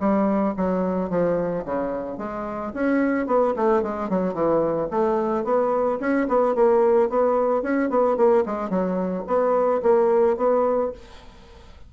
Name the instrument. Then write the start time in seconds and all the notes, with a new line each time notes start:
bassoon
0.00 G3
0.57 F#3
1.10 F3
1.65 C#3
2.18 G#3
2.74 C#4
3.27 B3
3.56 A3
3.83 G#3
4.09 F#3
4.34 E3
4.91 A3
5.44 B3
6.00 C#4
6.28 B3
6.55 A#3
7.09 B3
7.62 C#4
7.90 B3
8.17 A#3
8.46 G#3
8.70 F#3
9.27 B3
9.83 A#3
10.37 B3